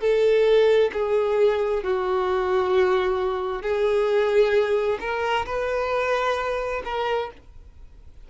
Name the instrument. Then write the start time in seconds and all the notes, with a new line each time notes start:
violin
0.00 A4
0.93 G#4
1.83 F#4
3.62 G#4
5.00 A#4
5.45 B4
6.84 A#4